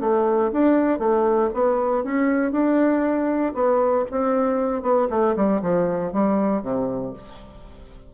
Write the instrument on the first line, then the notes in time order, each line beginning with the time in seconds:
bassoon
0.00 A3
0.52 D4
0.99 A3
1.53 B3
2.04 C#4
2.51 D4
3.54 B3
4.11 C4
4.82 B3
5.10 A3
5.36 G3
5.62 F3
6.12 G3
6.62 C3